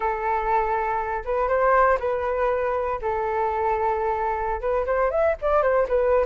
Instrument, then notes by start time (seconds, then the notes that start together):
flute
0.00 A4
1.24 B4
1.48 C5
1.99 B4
3.01 A4
4.60 B4
4.86 C5
5.10 E5
5.41 D5
5.62 C5
5.88 B4